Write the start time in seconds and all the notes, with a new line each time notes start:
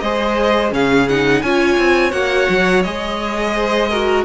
0.00 G#3 G#4 C5 D#5
0.70 C#3 C#4 G#4 F5
1.08 D#4 F#5
1.42 C#4 F4 C#5 G#5
1.78 C4
2.11 A#3 F#4 F#5
2.49 F#3
2.83 G#3 G#4 D#5
3.55 C5
3.90 F#4 A#4